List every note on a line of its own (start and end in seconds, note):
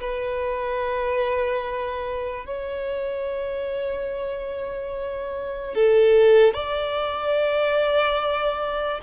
0.00 2.45 B4
2.45 5.74 C#5
5.74 6.53 A4
6.53 9.00 D5